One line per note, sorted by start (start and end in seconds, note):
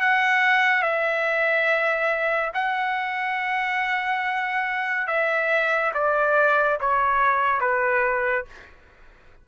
0.00 0.82 F#5
0.82 2.51 E5
2.54 5.07 F#5
5.07 5.92 E5
5.94 6.78 D5
6.80 7.60 C#5
7.60 8.45 B4